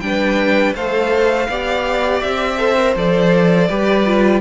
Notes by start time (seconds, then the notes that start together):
0.00 G3 D4 B4 G5
0.75 A3 A4 C5 F5
1.48 B3 G4 D5
2.21 C4 E5
2.58 A4 C5
2.78 A#4
2.96 F3 A4 D5
3.68 G3 G4 B4
4.05 F4